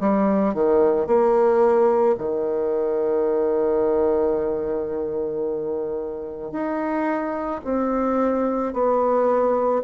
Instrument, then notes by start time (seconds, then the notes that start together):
bassoon
0.00 G3
0.54 D#3
1.07 A#3
2.18 D#3
6.52 D#4
7.65 C4
8.73 B3